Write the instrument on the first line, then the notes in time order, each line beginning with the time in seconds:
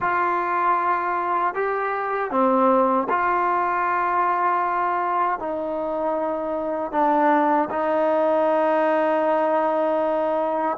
trombone
0.00 F4
1.54 G4
2.30 C4
3.09 F4
5.39 D#4
6.91 D4
7.70 D#4